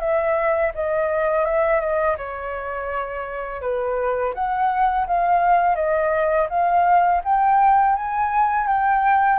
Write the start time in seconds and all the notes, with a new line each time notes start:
0.00 E5
0.75 D#5
1.45 E5
1.80 D#5
2.18 C#5
3.62 B4
4.34 F#5
5.07 F5
5.76 D#5
6.50 F5
7.25 G5
7.96 G#5
8.67 G5